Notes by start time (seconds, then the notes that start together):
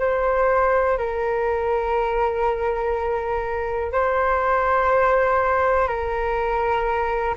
0.00 C5
0.98 A#4
3.93 C5
5.88 A#4